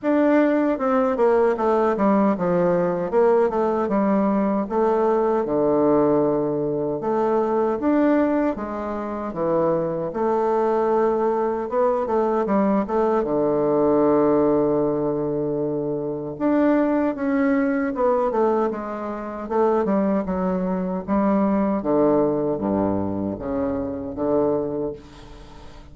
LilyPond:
\new Staff \with { instrumentName = "bassoon" } { \time 4/4 \tempo 4 = 77 d'4 c'8 ais8 a8 g8 f4 | ais8 a8 g4 a4 d4~ | d4 a4 d'4 gis4 | e4 a2 b8 a8 |
g8 a8 d2.~ | d4 d'4 cis'4 b8 a8 | gis4 a8 g8 fis4 g4 | d4 g,4 cis4 d4 | }